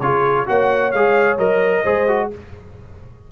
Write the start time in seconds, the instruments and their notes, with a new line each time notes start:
0.00 tuba C#3, trombone F4, horn G#4, trumpet C#5
0.46 tuba A#3, trombone F#4, horn C#5, trumpet F#5
0.91 tuba G#3, trombone G#4, trumpet F5
1.38 tuba F#3, trombone A#4, trumpet D#5
1.83 tuba G#3, trombone G#4, horn C5
2.08 trombone F#4